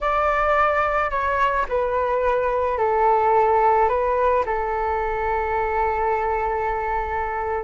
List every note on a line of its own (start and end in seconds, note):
0.01 1.10 D5
1.10 1.65 C#5
1.68 2.78 B4
2.78 3.89 A4
3.89 4.44 B4
4.45 7.63 A4